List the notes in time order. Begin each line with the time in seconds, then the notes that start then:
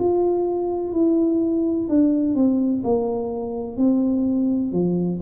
0.00 F4
0.93 E4
1.89 D4
2.35 C4
2.84 A#3
3.77 C4
4.73 F3